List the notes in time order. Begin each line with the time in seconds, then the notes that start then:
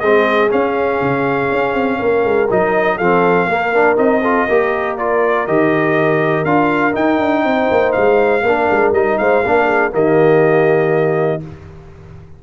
0.00 G#3 C4 G#4 D#5
0.49 C#4 F5
1.02 C#3
1.52 C#4
1.74 C4
2.00 A#3 A#4
2.25 G#3
2.51 F#3 D#4 D#5
2.97 F3 C4 A4 F5
3.47 A#3 A#4
3.75 D4
3.97 C4 D#4 D#5
4.22 F4 A4
4.48 A#3 G4 A#4
4.98 F4 D5
5.47 D#3 G4 D#5
6.45 D4 F4 F5
6.93 D#4 G5
7.20 D4
7.45 C4 C5
7.71 A#3
7.93 G#3 F5
8.43 A#3 D4 A#4
8.71 G#3
8.93 G3 D#4 D#5
9.18 G#3 C5 F5
9.45 A#3 D4 A#4
9.66 G#4
9.92 D#3 A#3 G4 D#5